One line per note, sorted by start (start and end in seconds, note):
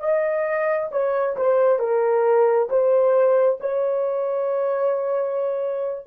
0.00 0.90 D#5
0.92 1.36 C#5
1.36 1.79 C5
1.79 2.69 A#4
2.69 3.59 C5
3.60 6.07 C#5